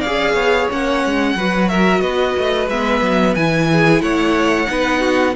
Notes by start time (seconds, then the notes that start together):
0.00 C#4 G#4 D5 F5
0.33 B3 C#5
0.70 A#3 C#4 F#5
1.05 G#3
1.35 F#3 F#4 B4
1.68 A#4 E5
2.01 B3 B4 D#5
2.38 A3
2.68 G#3 B3 E5
3.02 F#3
3.35 E3 E4 G#5
3.72 G#4
4.01 A3 C#5 F#5
4.67 B3 D#4 B4
5.00 F#4